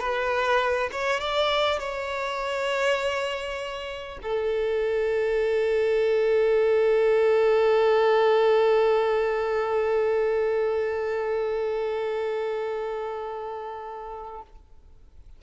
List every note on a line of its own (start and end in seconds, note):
0.00 0.90 B4
0.92 1.21 C#5
1.21 1.79 D5
1.79 4.19 C#5
4.23 14.43 A4